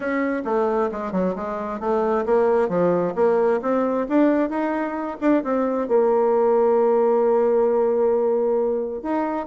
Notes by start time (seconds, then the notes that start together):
0.00 C#4
0.44 A3
0.91 G#3
1.12 F#3
1.35 G#3
1.80 A3
2.25 A#3
2.68 F3
3.15 A#3
3.62 C4
4.08 D4
4.49 D#4
5.20 D4
5.43 C4
5.88 A#3
9.02 D#4